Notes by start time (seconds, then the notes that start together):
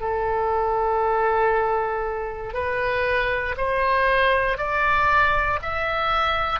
0.00 A4
2.53 B4
3.57 C5
4.57 D5
5.62 E5